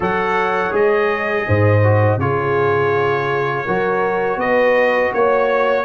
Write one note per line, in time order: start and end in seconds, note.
0.00 0.70 F#3
0.00 0.71 A4
0.00 1.45 C#5
0.00 0.75 F#5
0.71 1.45 G#3
0.71 1.80 G#4
0.71 2.20 D#5
1.47 2.17 G#2
1.47 2.20 C5
1.83 2.20 F#4
2.17 3.64 C#3
2.17 3.66 F4
2.17 3.64 G#4
2.17 4.39 C#5
3.64 4.36 F#3
3.64 5.85 F#4
3.64 4.37 A#4
4.36 5.09 B3
4.36 5.13 B4
4.36 5.12 D#5
5.13 5.85 A#3
5.13 5.85 C#5